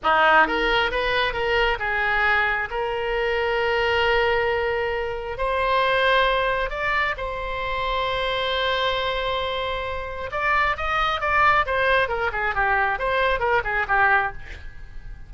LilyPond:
\new Staff \with { instrumentName = "oboe" } { \time 4/4 \tempo 4 = 134 dis'4 ais'4 b'4 ais'4 | gis'2 ais'2~ | ais'1 | c''2. d''4 |
c''1~ | c''2. d''4 | dis''4 d''4 c''4 ais'8 gis'8 | g'4 c''4 ais'8 gis'8 g'4 | }